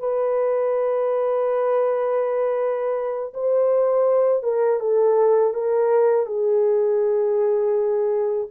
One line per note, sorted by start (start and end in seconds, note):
0.00 3.33 B4
3.34 4.43 C5
4.43 4.80 A#4
4.80 5.54 A4
5.54 6.26 A#4
6.26 8.48 G#4